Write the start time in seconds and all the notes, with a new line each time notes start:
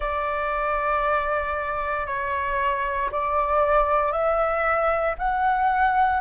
0.00 D5
2.06 C#5
3.11 D5
4.11 E5
5.18 F#5